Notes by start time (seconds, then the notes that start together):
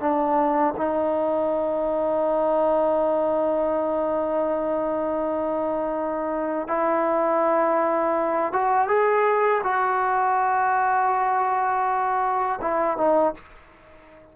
0.00 D4
0.77 D#4
6.68 E4
8.53 F#4
8.88 G#4
9.63 F#4
12.61 E4
12.97 D#4